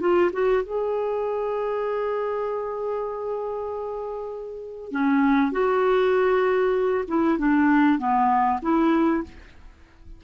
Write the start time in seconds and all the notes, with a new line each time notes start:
0.00 F4
0.33 F#4
0.63 G#4
4.92 C#4
5.52 F#4
7.08 E4
7.39 D4
7.99 B3
8.62 E4